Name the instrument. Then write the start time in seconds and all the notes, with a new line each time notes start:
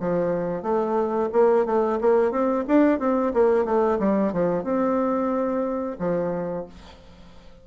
bassoon
0.00 F3
0.62 A3
1.32 A#3
1.65 A3
2.01 A#3
2.31 C4
2.68 D4
2.99 C4
3.34 A#3
3.65 A3
3.99 G3
4.33 F3
4.64 C4
5.99 F3